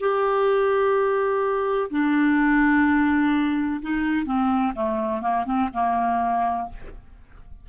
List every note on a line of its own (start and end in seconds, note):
0.00 1.90 G4
1.90 3.81 D4
3.82 4.25 D#4
4.25 4.73 C4
4.75 5.21 A3
5.21 5.45 A#3
5.45 5.69 C4
5.74 6.69 A#3